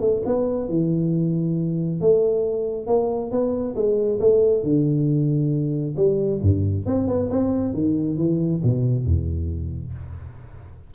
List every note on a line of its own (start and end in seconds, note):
0.00 0.22 A3
0.25 0.68 B3
0.68 2.01 E3
2.01 2.87 A3
2.87 3.31 A#3
3.31 3.75 B3
3.75 4.19 G#3
4.20 4.63 A3
4.63 5.95 D3
5.96 6.40 G3
6.42 6.86 G2
6.86 7.07 C4
7.07 7.29 B3
7.30 7.73 C4
7.73 8.17 D#3
8.17 8.61 E3
8.63 9.05 B2
9.05 9.93 E2